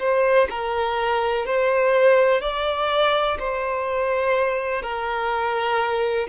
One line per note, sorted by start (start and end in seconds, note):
0.00 0.48 C5
0.51 1.46 A#4
1.46 2.41 C5
2.41 3.38 D5
3.40 4.83 C5
4.83 6.28 A#4